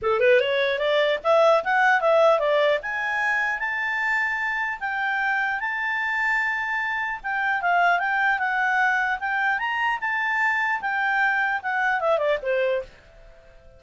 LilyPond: \new Staff \with { instrumentName = "clarinet" } { \time 4/4 \tempo 4 = 150 a'8 b'8 cis''4 d''4 e''4 | fis''4 e''4 d''4 gis''4~ | gis''4 a''2. | g''2 a''2~ |
a''2 g''4 f''4 | g''4 fis''2 g''4 | ais''4 a''2 g''4~ | g''4 fis''4 e''8 d''8 c''4 | }